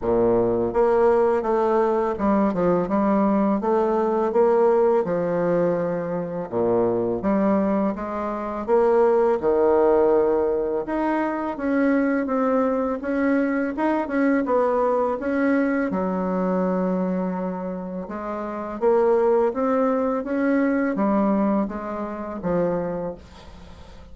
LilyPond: \new Staff \with { instrumentName = "bassoon" } { \time 4/4 \tempo 4 = 83 ais,4 ais4 a4 g8 f8 | g4 a4 ais4 f4~ | f4 ais,4 g4 gis4 | ais4 dis2 dis'4 |
cis'4 c'4 cis'4 dis'8 cis'8 | b4 cis'4 fis2~ | fis4 gis4 ais4 c'4 | cis'4 g4 gis4 f4 | }